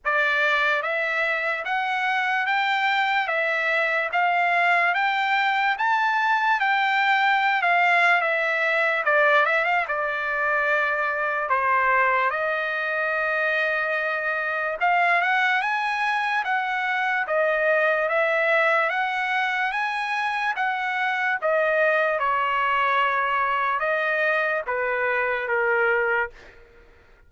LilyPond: \new Staff \with { instrumentName = "trumpet" } { \time 4/4 \tempo 4 = 73 d''4 e''4 fis''4 g''4 | e''4 f''4 g''4 a''4 | g''4~ g''16 f''8. e''4 d''8 e''16 f''16 | d''2 c''4 dis''4~ |
dis''2 f''8 fis''8 gis''4 | fis''4 dis''4 e''4 fis''4 | gis''4 fis''4 dis''4 cis''4~ | cis''4 dis''4 b'4 ais'4 | }